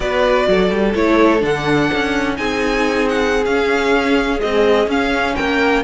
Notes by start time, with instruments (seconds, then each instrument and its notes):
0.00 cello B3, viola F#4, violin B4 D5
0.48 cello F#3, violin A4
0.70 cello G3
0.94 cello A3, viola E4, violin C#5
1.39 cello D3, viola D4, violin F#5
1.94 cello C#4
2.35 cello C4, viola D#4, violin G#4 G#5
3.08 violin F#5
3.45 cello C#4, viola C#4, violin F5
4.39 viola G#3, cello C4, violin D#5
4.87 cello C#4, viola C#4, violin F5
5.35 cello A#3, violin A#4 G5